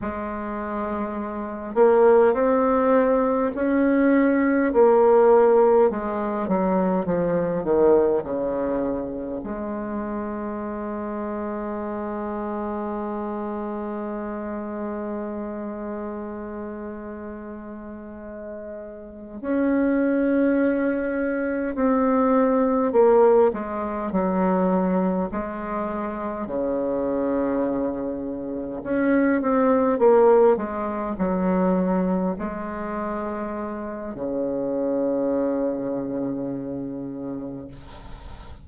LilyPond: \new Staff \with { instrumentName = "bassoon" } { \time 4/4 \tempo 4 = 51 gis4. ais8 c'4 cis'4 | ais4 gis8 fis8 f8 dis8 cis4 | gis1~ | gis1~ |
gis8 cis'2 c'4 ais8 | gis8 fis4 gis4 cis4.~ | cis8 cis'8 c'8 ais8 gis8 fis4 gis8~ | gis4 cis2. | }